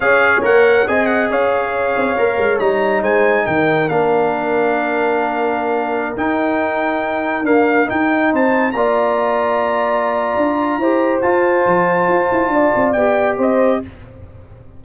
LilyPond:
<<
  \new Staff \with { instrumentName = "trumpet" } { \time 4/4 \tempo 4 = 139 f''4 fis''4 gis''8 fis''8 f''4~ | f''2 ais''4 gis''4 | g''4 f''2.~ | f''2~ f''16 g''4.~ g''16~ |
g''4~ g''16 f''4 g''4 a''8.~ | a''16 ais''2.~ ais''8.~ | ais''2 a''2~ | a''2 g''4 dis''4 | }
  \new Staff \with { instrumentName = "horn" } { \time 4/4 cis''2 dis''4 cis''4~ | cis''2. c''4 | ais'1~ | ais'1~ |
ais'2.~ ais'16 c''8.~ | c''16 d''2.~ d''8.~ | d''4 c''2.~ | c''4 d''2 c''4 | }
  \new Staff \with { instrumentName = "trombone" } { \time 4/4 gis'4 ais'4 gis'2~ | gis'4 ais'4 dis'2~ | dis'4 d'2.~ | d'2~ d'16 dis'4.~ dis'16~ |
dis'4~ dis'16 ais4 dis'4.~ dis'16~ | dis'16 f'2.~ f'8.~ | f'4 g'4 f'2~ | f'2 g'2 | }
  \new Staff \with { instrumentName = "tuba" } { \time 4/4 cis'4 ais4 c'4 cis'4~ | cis'8 c'8 ais8 gis8 g4 gis4 | dis4 ais2.~ | ais2~ ais16 dis'4.~ dis'16~ |
dis'4~ dis'16 d'4 dis'4 c'8.~ | c'16 ais2.~ ais8. | d'4 e'4 f'4 f4 | f'8 e'8 d'8 c'8 b4 c'4 | }
>>